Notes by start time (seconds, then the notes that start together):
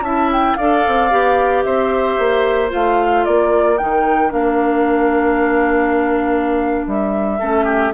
0.00 C#4 E4 E5 A5
0.32 G5
0.55 D4 A4 D5 F5
0.87 C4
1.10 B3 G4
1.62 C4 C5 E5
2.18 A#3
2.69 A3 F4 F5
3.24 A#3 A#4 D5
3.78 D#3 D#4 G5
4.29 A#3 D4 F5
6.87 G3 E5
7.39 A3 C#4 A4
7.64 G4